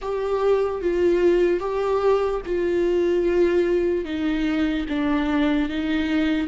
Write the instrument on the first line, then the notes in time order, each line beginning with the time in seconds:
viola
0.01 G4
0.81 F4
1.60 G4
2.45 F4
4.04 D#4
4.89 D4
5.69 D#4